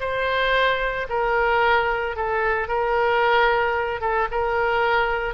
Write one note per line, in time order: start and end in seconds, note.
0.00 1.07 C5
1.09 2.16 A#4
2.16 2.68 A4
2.68 4.01 A#4
4.01 4.27 A4
4.31 5.34 A#4